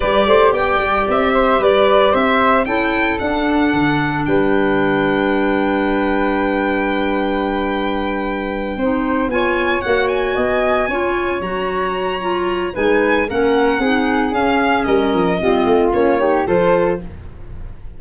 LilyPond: <<
  \new Staff \with { instrumentName = "violin" } { \time 4/4 \tempo 4 = 113 d''4 g''4 e''4 d''4 | e''4 g''4 fis''2 | g''1~ | g''1~ |
g''4. gis''4 fis''8 gis''4~ | gis''4. ais''2~ ais''8 | gis''4 fis''2 f''4 | dis''2 cis''4 c''4 | }
  \new Staff \with { instrumentName = "flute" } { \time 4/4 b'8 c''8 d''4. c''8 b'4 | c''4 a'2. | b'1~ | b'1~ |
b'8 c''4 cis''2 dis''8~ | dis''8 cis''2.~ cis''8 | b'4 ais'4 gis'2 | ais'4 f'4. g'8 a'4 | }
  \new Staff \with { instrumentName = "clarinet" } { \time 4/4 g'1~ | g'4 e'4 d'2~ | d'1~ | d'1~ |
d'8 dis'4 f'4 fis'4.~ | fis'8 f'4 fis'4. f'4 | dis'4 cis'4 dis'4 cis'4~ | cis'4 c'4 cis'8 dis'8 f'4 | }
  \new Staff \with { instrumentName = "tuba" } { \time 4/4 g8 a8 b8 g8 c'4 g4 | c'4 cis'4 d'4 d4 | g1~ | g1~ |
g8 c'4 b4 ais4 b8~ | b8 cis'4 fis2~ fis8 | gis4 ais4 c'4 cis'4 | g8 f8 g8 a8 ais4 f4 | }
>>